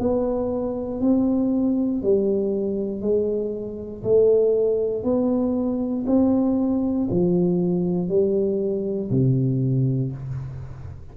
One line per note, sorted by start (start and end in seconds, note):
0.00 1.01 B3
1.01 2.03 C4
2.03 3.02 G3
3.02 4.04 G#3
4.04 5.04 A3
5.04 6.06 B3
6.07 7.09 C4
7.10 8.09 F3
8.09 9.11 G3
9.11 10.13 C3